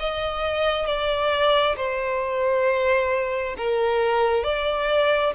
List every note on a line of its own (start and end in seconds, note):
0.00 0.86 D#5
0.86 1.76 D5
1.77 3.56 C5
3.57 4.44 A#4
4.44 5.34 D5